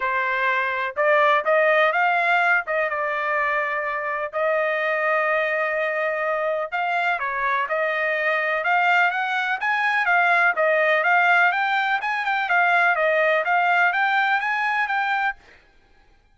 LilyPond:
\new Staff \with { instrumentName = "trumpet" } { \time 4/4 \tempo 4 = 125 c''2 d''4 dis''4 | f''4. dis''8 d''2~ | d''4 dis''2.~ | dis''2 f''4 cis''4 |
dis''2 f''4 fis''4 | gis''4 f''4 dis''4 f''4 | g''4 gis''8 g''8 f''4 dis''4 | f''4 g''4 gis''4 g''4 | }